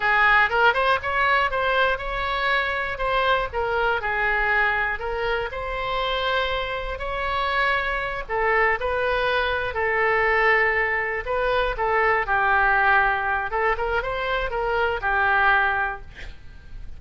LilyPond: \new Staff \with { instrumentName = "oboe" } { \time 4/4 \tempo 4 = 120 gis'4 ais'8 c''8 cis''4 c''4 | cis''2 c''4 ais'4 | gis'2 ais'4 c''4~ | c''2 cis''2~ |
cis''8 a'4 b'2 a'8~ | a'2~ a'8 b'4 a'8~ | a'8 g'2~ g'8 a'8 ais'8 | c''4 ais'4 g'2 | }